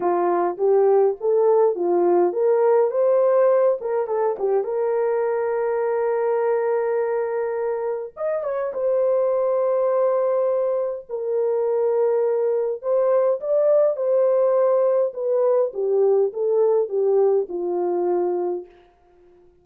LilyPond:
\new Staff \with { instrumentName = "horn" } { \time 4/4 \tempo 4 = 103 f'4 g'4 a'4 f'4 | ais'4 c''4. ais'8 a'8 g'8 | ais'1~ | ais'2 dis''8 cis''8 c''4~ |
c''2. ais'4~ | ais'2 c''4 d''4 | c''2 b'4 g'4 | a'4 g'4 f'2 | }